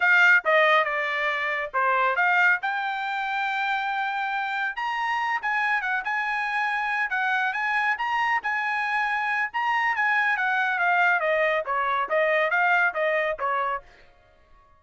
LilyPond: \new Staff \with { instrumentName = "trumpet" } { \time 4/4 \tempo 4 = 139 f''4 dis''4 d''2 | c''4 f''4 g''2~ | g''2. ais''4~ | ais''8 gis''4 fis''8 gis''2~ |
gis''8 fis''4 gis''4 ais''4 gis''8~ | gis''2 ais''4 gis''4 | fis''4 f''4 dis''4 cis''4 | dis''4 f''4 dis''4 cis''4 | }